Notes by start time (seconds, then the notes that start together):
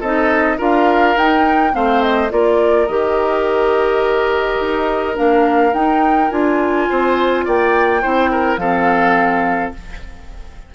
0.00 C4 D#4 A4 D#5
0.58 D4 F4 A#4 F5
1.16 D#4 G5
1.72 A3 C4 C5 F5
2.02 D#5
2.30 A#3 F4 A#4 D5
2.87 D#3 G4 D#5
4.60 D#4
5.15 A#3 D4 F5
5.73 D#4 G5
6.30 D4 F4 G#5
6.89 C4 C5
7.45 A#3 D5 G5
8.01 C4 E4 C5
8.31 A#4
8.57 F3 C4 A4 F5